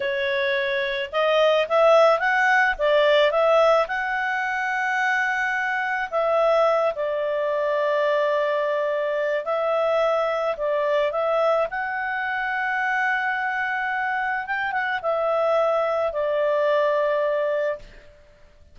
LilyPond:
\new Staff \with { instrumentName = "clarinet" } { \time 4/4 \tempo 4 = 108 cis''2 dis''4 e''4 | fis''4 d''4 e''4 fis''4~ | fis''2. e''4~ | e''8 d''2.~ d''8~ |
d''4 e''2 d''4 | e''4 fis''2.~ | fis''2 g''8 fis''8 e''4~ | e''4 d''2. | }